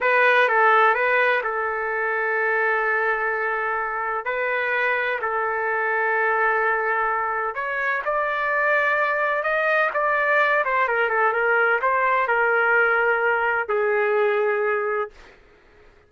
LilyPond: \new Staff \with { instrumentName = "trumpet" } { \time 4/4 \tempo 4 = 127 b'4 a'4 b'4 a'4~ | a'1~ | a'4 b'2 a'4~ | a'1 |
cis''4 d''2. | dis''4 d''4. c''8 ais'8 a'8 | ais'4 c''4 ais'2~ | ais'4 gis'2. | }